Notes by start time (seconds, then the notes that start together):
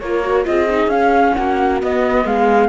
0.00 A#3 F4 A#4 C#5
0.23 F#4
0.45 C4 F4 G#4 D#5
0.70 D#4
0.87 C#4 F5
1.35 A#3 F#4 F#5
1.81 B3 D#5
2.26 G#3 G#4 F5